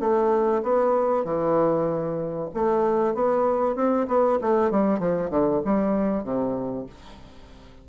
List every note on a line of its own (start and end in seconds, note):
0.00 0.62 A3
0.63 1.24 B3
1.24 2.49 E3
2.54 3.14 A3
3.14 3.76 B3
3.76 4.07 C4
4.08 4.39 B3
4.41 4.71 A3
4.71 4.99 G3
4.99 5.30 F3
5.30 5.62 D3
5.65 6.24 G3
6.24 6.86 C3